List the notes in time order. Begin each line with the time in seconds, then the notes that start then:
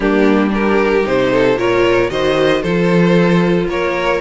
0.00 G3 A#3 D4 G4
0.49 D4 G4 A#4
1.04 C3 D#4 C5
1.32 A4
1.56 A#2 F4 A#4 C#5
2.09 D#3 F#4 C5 D#5
2.62 F3 F4 A4 C5
3.67 A#3 A#4 C#5